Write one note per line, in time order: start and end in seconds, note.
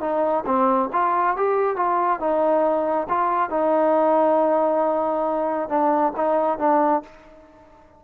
0.00 0.44 D#4
0.46 0.89 C4
0.92 1.36 F4
1.36 1.76 G4
1.76 2.19 F4
2.19 3.07 D#4
3.09 3.50 F4
3.50 5.69 D#4
5.69 6.13 D4
6.16 6.59 D#4
6.59 7.02 D4